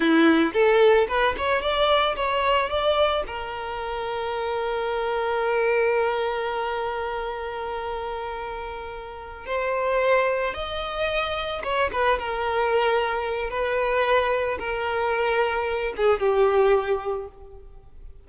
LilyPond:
\new Staff \with { instrumentName = "violin" } { \time 4/4 \tempo 4 = 111 e'4 a'4 b'8 cis''8 d''4 | cis''4 d''4 ais'2~ | ais'1~ | ais'1~ |
ais'4. c''2 dis''8~ | dis''4. cis''8 b'8 ais'4.~ | ais'4 b'2 ais'4~ | ais'4. gis'8 g'2 | }